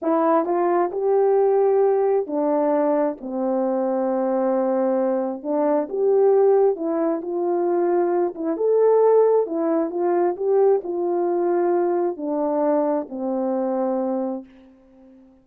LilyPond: \new Staff \with { instrumentName = "horn" } { \time 4/4 \tempo 4 = 133 e'4 f'4 g'2~ | g'4 d'2 c'4~ | c'1 | d'4 g'2 e'4 |
f'2~ f'8 e'8 a'4~ | a'4 e'4 f'4 g'4 | f'2. d'4~ | d'4 c'2. | }